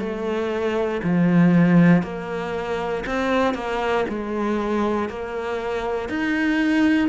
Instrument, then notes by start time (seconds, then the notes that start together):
cello
0.00 A3
1.04 F3
2.03 A#3
3.06 C4
3.55 A#3
4.09 G#3
5.09 A#3
6.09 D#4